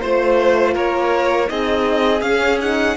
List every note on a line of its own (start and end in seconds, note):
0.00 0.75 A3
0.00 1.46 F4
0.00 0.74 C5
0.74 1.49 A#3
0.74 1.48 A#4
0.74 1.49 C#5
1.46 2.21 C4
1.46 2.21 D#4
1.46 2.96 G#4
1.46 2.21 D#5
2.21 2.95 C#4
2.21 2.59 C#4
2.21 2.58 F5
2.60 2.96 D#4
2.60 2.96 F#5